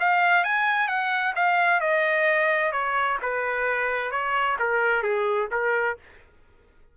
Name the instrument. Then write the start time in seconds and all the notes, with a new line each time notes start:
trumpet
0.00 F5
0.44 G#5
0.88 F#5
1.35 F5
1.80 D#5
2.72 C#5
3.22 B4
4.11 C#5
4.59 A#4
5.03 G#4
5.51 A#4